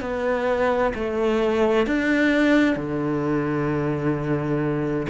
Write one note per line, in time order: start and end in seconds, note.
0.00 0.92 B3
0.94 1.86 A3
1.86 2.76 D4
2.76 5.06 D3